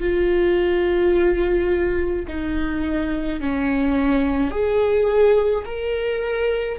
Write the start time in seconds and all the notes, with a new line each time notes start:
0.00 F4
2.28 D#4
3.41 C#4
4.51 G#4
5.66 A#4